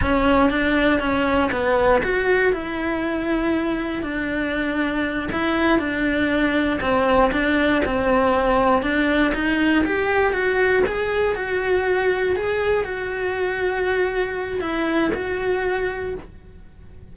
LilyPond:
\new Staff \with { instrumentName = "cello" } { \time 4/4 \tempo 4 = 119 cis'4 d'4 cis'4 b4 | fis'4 e'2. | d'2~ d'8 e'4 d'8~ | d'4. c'4 d'4 c'8~ |
c'4. d'4 dis'4 g'8~ | g'8 fis'4 gis'4 fis'4.~ | fis'8 gis'4 fis'2~ fis'8~ | fis'4 e'4 fis'2 | }